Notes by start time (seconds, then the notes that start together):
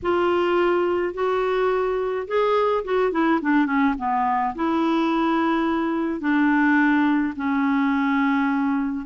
0.02 F4
1.13 F#4
2.27 G#4
2.84 F#4
3.11 E4
3.41 D4
3.66 C#4
3.98 B3
4.55 E4
6.20 D4
7.36 C#4